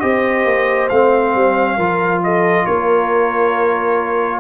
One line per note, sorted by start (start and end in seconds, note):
0.00 0.45 C4
0.00 0.90 G4
0.00 1.77 C5
0.00 0.88 D#5
0.45 0.89 A#3
0.89 1.35 A3
0.89 1.79 C4
0.89 2.22 F5
1.35 1.77 G3
1.77 2.66 F3
1.77 4.40 F4
1.77 2.21 A#4
2.24 2.66 A4
2.24 2.66 D#5
2.66 4.40 A#3
2.66 4.40 A#4
2.66 4.40 C#5